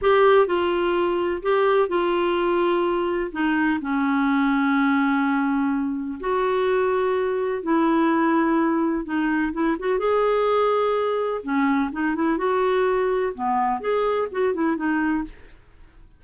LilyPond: \new Staff \with { instrumentName = "clarinet" } { \time 4/4 \tempo 4 = 126 g'4 f'2 g'4 | f'2. dis'4 | cis'1~ | cis'4 fis'2. |
e'2. dis'4 | e'8 fis'8 gis'2. | cis'4 dis'8 e'8 fis'2 | b4 gis'4 fis'8 e'8 dis'4 | }